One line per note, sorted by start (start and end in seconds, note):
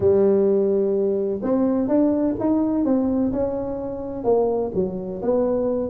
0.00 1.40 G3
1.42 1.87 C4
1.87 2.35 D4
2.39 2.84 D#4
2.84 3.32 C4
3.32 4.24 C#4
4.24 4.71 A#3
4.74 5.21 F#3
5.22 5.89 B3